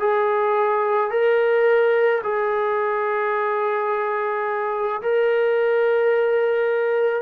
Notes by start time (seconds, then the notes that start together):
0.00 G#4
1.11 A#4
2.24 G#4
5.02 A#4